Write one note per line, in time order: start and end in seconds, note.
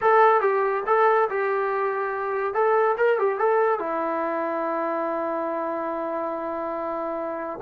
0.01 0.40 A4
0.40 0.83 G4
0.86 1.28 A4
1.29 2.54 G4
2.54 2.96 A4
2.97 3.18 A#4
3.18 3.38 G4
3.38 3.79 A4
3.79 7.59 E4